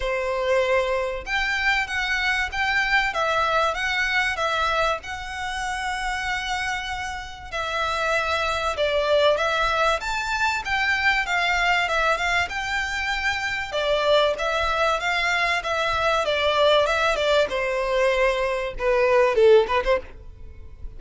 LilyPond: \new Staff \with { instrumentName = "violin" } { \time 4/4 \tempo 4 = 96 c''2 g''4 fis''4 | g''4 e''4 fis''4 e''4 | fis''1 | e''2 d''4 e''4 |
a''4 g''4 f''4 e''8 f''8 | g''2 d''4 e''4 | f''4 e''4 d''4 e''8 d''8 | c''2 b'4 a'8 b'16 c''16 | }